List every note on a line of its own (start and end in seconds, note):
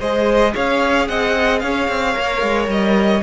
0.00 0.55 G#3
0.00 2.15 G#4
0.00 0.54 C5
0.00 0.55 D#5
0.54 1.09 C#4
0.54 1.08 C#5
0.54 1.08 F5
1.08 1.63 C4
1.08 1.63 D#5
1.08 1.60 F#5
1.60 1.89 C#4
1.60 3.23 C#5
1.60 2.67 F5
1.89 2.15 C4
2.15 2.42 A#3
2.15 3.22 A#4
2.42 2.68 G#3
2.68 3.22 G3
2.68 3.23 D#5